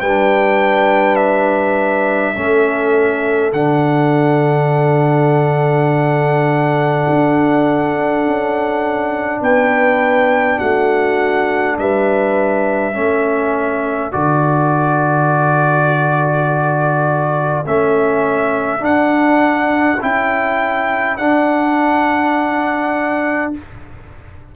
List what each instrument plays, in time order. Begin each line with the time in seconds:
0.00 tuba G3, trombone D4, horn B4, trumpet G5
1.16 trumpet E5
2.35 tuba A3, trombone C#4, horn A4
3.52 tuba D3, trombone D4, trumpet F#5
7.09 tuba D4
8.26 tuba C#4
9.40 tuba B3, horn B4, trumpet G5
10.58 tuba A3, horn F#4, trumpet F#5
11.78 tuba G3, horn B4, trumpet E5
12.93 tuba A3, trombone C#4, horn A4
14.11 tuba D3, trombone F#4, trumpet D5
17.65 tuba A3, trombone C#4, trumpet E5
18.79 trombone D4, tuba D4, trumpet F#5
20.01 tuba C#4, trombone E4, trumpet G5
21.17 trombone D4, tuba D4, trumpet F#5